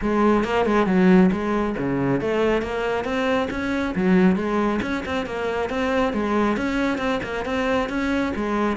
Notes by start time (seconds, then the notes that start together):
0.01 G#3
0.44 A#3
0.65 G#3
0.86 F#3
1.32 G#3
1.77 C#3
2.20 A3
2.62 A#3
3.04 C4
3.50 C#4
3.95 F#3
4.36 G#3
4.82 C#4
5.05 C4
5.26 A#3
5.69 C4
6.13 G#3
6.56 C#4
6.98 C4
7.23 A#3
7.45 C4
7.89 C#4
8.35 G#3